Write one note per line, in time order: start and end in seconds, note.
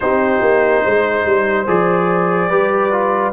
0.00 0.41 C4
0.00 1.66 D#4
0.00 0.84 G4
0.00 1.67 C5
0.41 0.83 A#3
0.84 1.25 G#3
0.84 2.49 C5
1.25 1.67 G3
1.66 2.50 F3
1.66 2.50 G#4
1.66 3.33 D5
2.49 3.33 G3
2.49 2.91 G4
2.49 3.33 B4
2.91 3.33 F4